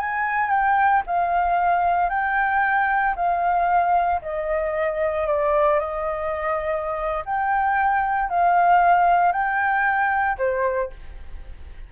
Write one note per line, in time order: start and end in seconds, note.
0.00 0.50 G#5
0.50 1.03 G5
1.07 2.10 F5
2.10 3.15 G5
3.16 4.21 F5
4.22 5.27 D#5
5.27 5.80 D5
5.80 7.24 D#5
7.26 8.29 G5
8.29 9.32 F5
9.32 10.38 G5
10.38 10.90 C5